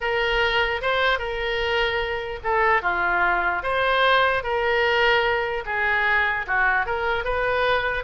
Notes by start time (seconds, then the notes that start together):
0.01 A#4
0.81 C5
1.18 A#4
2.43 A4
2.82 F4
3.62 C5
4.43 A#4
5.65 G#4
6.46 F#4
6.85 A#4
7.24 B4